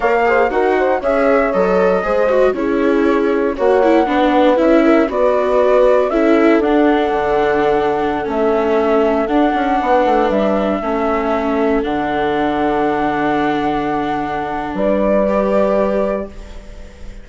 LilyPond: <<
  \new Staff \with { instrumentName = "flute" } { \time 4/4 \tempo 4 = 118 f''4 fis''4 e''4 dis''4~ | dis''4 cis''2 fis''4~ | fis''4 e''4 d''2 | e''4 fis''2.~ |
fis''16 e''2 fis''4.~ fis''16~ | fis''16 e''2. fis''8.~ | fis''1~ | fis''4 d''2. | }
  \new Staff \with { instrumentName = "horn" } { \time 4/4 cis''8 c''8 ais'8 c''8 cis''2 | c''4 gis'2 cis''4 | b'4. ais'8 b'2 | a'1~ |
a'2.~ a'16 b'8.~ | b'4~ b'16 a'2~ a'8.~ | a'1~ | a'4 b'2. | }
  \new Staff \with { instrumentName = "viola" } { \time 4/4 ais'8 gis'8 fis'4 gis'4 a'4 | gis'8 fis'8 e'2 fis'8 e'8 | d'4 e'4 fis'2 | e'4 d'2.~ |
d'16 cis'2 d'4.~ d'16~ | d'4~ d'16 cis'2 d'8.~ | d'1~ | d'2 g'2 | }
  \new Staff \with { instrumentName = "bassoon" } { \time 4/4 ais4 dis'4 cis'4 fis4 | gis4 cis'2 ais4 | b4 cis'4 b2 | cis'4 d'4 d2~ |
d16 a2 d'8 cis'8 b8 a16~ | a16 g4 a2 d8.~ | d1~ | d4 g2. | }
>>